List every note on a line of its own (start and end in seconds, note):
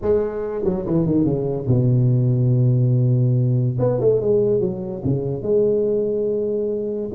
0.01 0.64 G#3
0.64 0.85 F#3
0.85 1.06 E3
1.06 1.24 D#3
1.24 1.66 C#3
1.67 3.77 B2
3.79 4.00 B3
4.00 4.21 A3
4.21 4.60 G#3
4.60 5.02 F#3
5.04 5.42 C#3
5.42 7.10 G#3